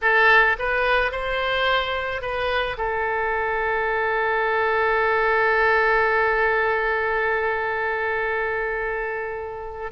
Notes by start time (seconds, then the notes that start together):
0.01 A4
0.58 B4
1.11 C5
2.21 B4
2.77 A4